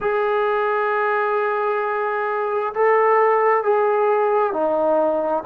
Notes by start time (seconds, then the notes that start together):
0.00 G#4
2.74 A4
3.63 G#4
4.52 D#4